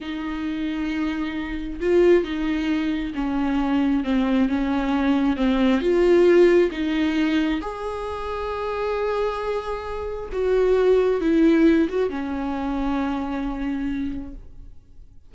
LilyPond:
\new Staff \with { instrumentName = "viola" } { \time 4/4 \tempo 4 = 134 dis'1 | f'4 dis'2 cis'4~ | cis'4 c'4 cis'2 | c'4 f'2 dis'4~ |
dis'4 gis'2.~ | gis'2. fis'4~ | fis'4 e'4. fis'8 cis'4~ | cis'1 | }